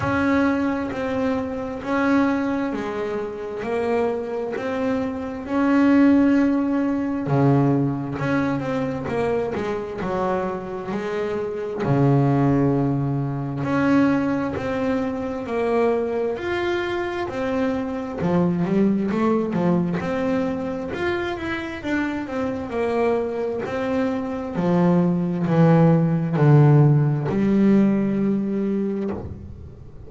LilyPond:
\new Staff \with { instrumentName = "double bass" } { \time 4/4 \tempo 4 = 66 cis'4 c'4 cis'4 gis4 | ais4 c'4 cis'2 | cis4 cis'8 c'8 ais8 gis8 fis4 | gis4 cis2 cis'4 |
c'4 ais4 f'4 c'4 | f8 g8 a8 f8 c'4 f'8 e'8 | d'8 c'8 ais4 c'4 f4 | e4 d4 g2 | }